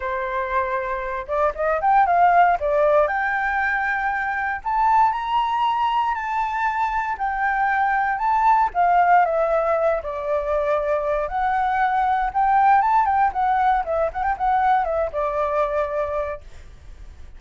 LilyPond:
\new Staff \with { instrumentName = "flute" } { \time 4/4 \tempo 4 = 117 c''2~ c''8 d''8 dis''8 g''8 | f''4 d''4 g''2~ | g''4 a''4 ais''2 | a''2 g''2 |
a''4 f''4 e''4. d''8~ | d''2 fis''2 | g''4 a''8 g''8 fis''4 e''8 fis''16 g''16 | fis''4 e''8 d''2~ d''8 | }